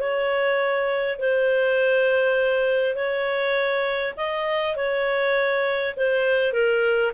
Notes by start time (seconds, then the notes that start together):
0.00 C#5
1.19 C5
2.95 C#5
4.17 D#5
4.76 C#5
5.96 C5
6.52 A#4